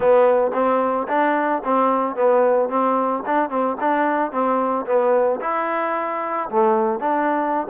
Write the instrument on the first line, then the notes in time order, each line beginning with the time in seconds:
trombone
0.00 B3
0.53 C4
1.08 D4
1.64 C4
2.15 B3
2.69 C4
3.26 D4
3.49 C4
3.80 D4
4.31 C4
4.86 B3
5.41 E4
6.49 A3
6.99 D4